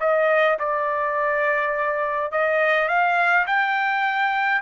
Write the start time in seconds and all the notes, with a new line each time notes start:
0.00 D#5
0.59 D5
2.32 D#5
2.88 F5
3.46 G5